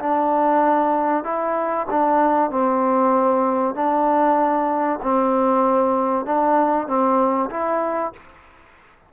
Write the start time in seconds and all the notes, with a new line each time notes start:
0.00 D4
1.24 E4
1.91 D4
2.51 C4
3.75 D4
5.03 C4
6.26 D4
6.88 C4
7.51 E4